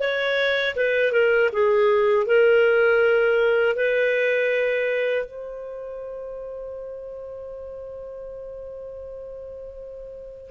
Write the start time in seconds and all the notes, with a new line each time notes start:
0.00 C#5
0.76 B4
1.12 A#4
1.52 G#4
2.26 A#4
3.76 B4
5.25 C5